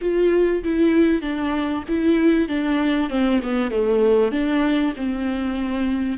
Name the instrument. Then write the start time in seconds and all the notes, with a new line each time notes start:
viola
0.01 F4
0.63 E4
1.21 D4
1.88 E4
2.48 D4
3.09 C4
3.42 B3
3.70 A3
4.31 D4
4.96 C4